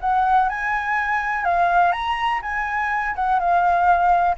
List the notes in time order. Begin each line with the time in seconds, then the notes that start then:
0.00 F#5
0.48 G#5
1.44 F5
1.92 A#5
2.42 G#5
3.15 F#5
3.39 F5